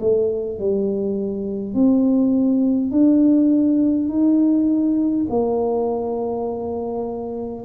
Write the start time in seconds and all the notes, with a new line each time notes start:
0.00 A3
0.59 G3
1.74 C4
2.91 D4
4.09 D#4
5.29 A#3